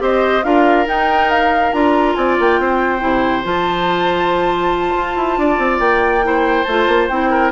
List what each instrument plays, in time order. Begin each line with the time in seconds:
0.00 bassoon C4, clarinet G4, oboe C5, flute D#5
0.44 bassoon D4, clarinet F4, oboe A#4, flute F5
0.87 clarinet D#4, bassoon D#4, flute G5
1.31 flute F5
1.72 bassoon D4, clarinet F4, flute A#5
2.16 bassoon C4, oboe D5, flute G#5
2.39 bassoon A#3, flute G5
2.60 bassoon C4, oboe C5
3.00 bassoon C3, clarinet E4
3.43 bassoon F3, clarinet F4, flute A5
4.96 bassoon F4
5.16 bassoon E4
5.38 bassoon D4, oboe D5
5.59 bassoon C4
5.80 bassoon A#3, flute G5
6.23 clarinet E4, oboe C5
6.64 bassoon A3, clarinet F4, flute A5
6.88 bassoon A#3
7.09 bassoon C4, clarinet E4, flute G5
7.31 oboe A#4